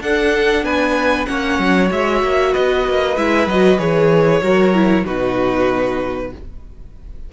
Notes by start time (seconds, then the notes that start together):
0.00 D4 A4 F#5
0.63 B3 B4 G#5
1.25 A#3 C#4 C#5 F#5
1.59 F#3
1.88 G#3 F#4 E5
2.22 A#3
2.51 B3 B4 D#5
2.88 A#3
3.16 G#3 E4 E5
3.46 F#3 F#4 D#5
3.78 E3 G#4 C#5
4.42 F#3 F#4 A#4
4.74 E4
5.04 B2 D#4 F#4 B4